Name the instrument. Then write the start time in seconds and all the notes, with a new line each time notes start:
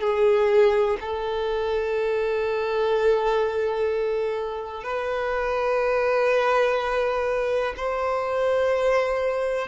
violin
0.00 G#4
1.00 A4
4.83 B4
7.76 C5